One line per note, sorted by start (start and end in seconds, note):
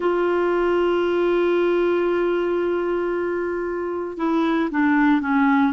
0.00 4.17 F4
4.17 4.69 E4
4.70 5.21 D4
5.21 5.72 C#4